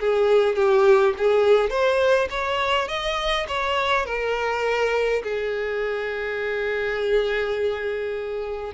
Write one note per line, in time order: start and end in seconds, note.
0.00 0.56 G#4
0.56 1.14 G4
1.18 1.70 G#4
1.70 2.28 C5
2.30 2.88 C#5
2.88 3.46 D#5
3.48 4.06 C#5
4.06 5.22 A#4
5.23 8.72 G#4